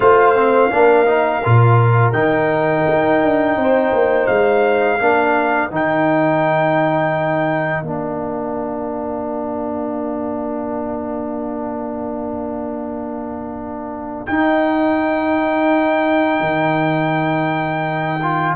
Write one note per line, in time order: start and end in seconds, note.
0.00 0.70 A3
0.00 0.35 F4
0.00 0.71 C5
0.00 2.12 F5
0.35 0.70 C4
0.70 1.43 A#3
0.70 1.06 D4
0.70 3.60 A#4
1.06 1.42 D#4
1.43 2.13 A#2
1.43 2.13 F4
2.12 2.84 D#3
2.12 4.99 D#4
2.12 4.26 G5
2.89 3.23 D#4
3.23 3.56 D4
3.56 3.91 C4
3.56 5.00 C5
3.92 4.28 A#3
4.26 4.99 G#3
4.26 5.69 F5
4.99 5.70 A#3
4.99 5.70 D4
4.99 18.55 A#4
5.70 7.82 D#3
5.70 7.84 D#4
5.70 7.84 G5
7.82 14.25 A#3
7.82 14.27 D4
7.82 14.26 F5
14.26 18.20 D#4
14.26 16.40 D#4
14.26 18.54 G5
16.40 18.54 D#3
18.22 18.55 F4